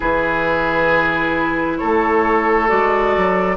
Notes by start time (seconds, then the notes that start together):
0.00 E3 E4 G#4 B4
1.78 A3 A4 C#5
2.68 G#3 F#4 D5
3.16 F#3